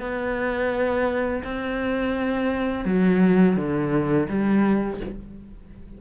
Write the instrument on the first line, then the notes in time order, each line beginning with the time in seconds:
cello
0.00 B3
1.44 C4
2.85 F#3
3.56 D3
4.29 G3